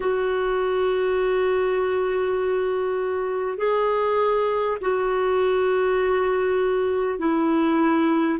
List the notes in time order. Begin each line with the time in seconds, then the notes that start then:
0.00 F#4
3.57 G#4
4.81 F#4
7.18 E4